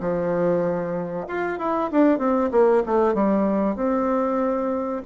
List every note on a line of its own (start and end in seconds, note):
0.00 1.26 F3
1.28 1.58 F4
1.58 1.90 E4
1.91 2.18 D4
2.18 2.50 C4
2.51 2.83 A#3
2.86 3.14 A3
3.14 3.76 G3
3.76 5.02 C4